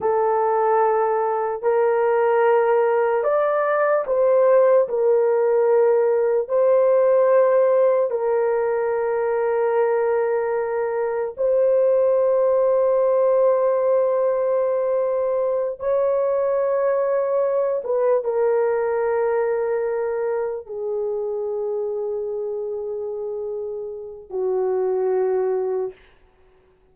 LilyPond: \new Staff \with { instrumentName = "horn" } { \time 4/4 \tempo 4 = 74 a'2 ais'2 | d''4 c''4 ais'2 | c''2 ais'2~ | ais'2 c''2~ |
c''2.~ c''8 cis''8~ | cis''2 b'8 ais'4.~ | ais'4. gis'2~ gis'8~ | gis'2 fis'2 | }